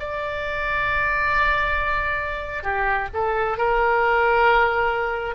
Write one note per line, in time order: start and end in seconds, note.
0.00 2.63 D5
2.63 3.08 G4
3.14 3.58 A4
3.58 5.36 A#4